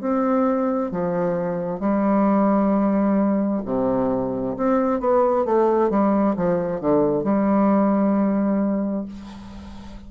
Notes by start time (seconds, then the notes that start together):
0.00 C4
0.91 F3
1.80 G3
3.65 C3
4.56 C4
5.00 B3
5.45 A3
5.90 G3
6.36 F3
6.80 D3
7.23 G3